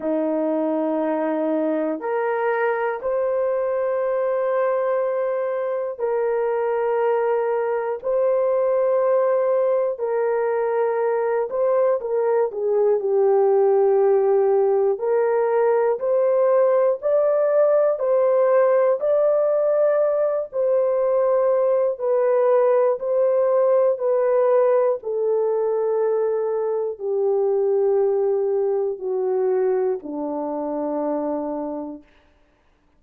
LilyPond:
\new Staff \with { instrumentName = "horn" } { \time 4/4 \tempo 4 = 60 dis'2 ais'4 c''4~ | c''2 ais'2 | c''2 ais'4. c''8 | ais'8 gis'8 g'2 ais'4 |
c''4 d''4 c''4 d''4~ | d''8 c''4. b'4 c''4 | b'4 a'2 g'4~ | g'4 fis'4 d'2 | }